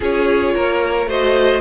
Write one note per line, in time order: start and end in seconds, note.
0.00 0.55 C#4
0.00 1.08 F4
0.00 0.54 G#4
0.00 1.10 C#5
0.54 1.06 A#3
0.54 1.08 A#4
1.06 1.60 A3
1.06 1.60 F#4
1.06 1.60 C5
1.06 1.60 D#5